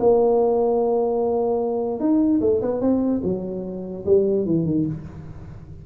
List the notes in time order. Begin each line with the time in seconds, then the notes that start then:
0.00 A#3
2.00 D#4
2.41 A3
2.62 B3
2.81 C4
3.24 F#3
4.06 G3
4.46 E3
4.66 D#3